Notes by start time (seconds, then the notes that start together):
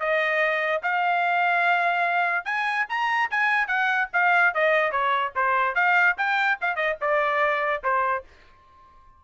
0.00 D#5
0.83 F5
2.45 G#5
2.89 A#5
3.31 G#5
3.68 F#5
4.14 F5
4.54 D#5
4.92 C#5
5.36 C5
5.76 F5
6.18 G5
6.61 F5
6.76 D#5
7.01 D5
7.84 C5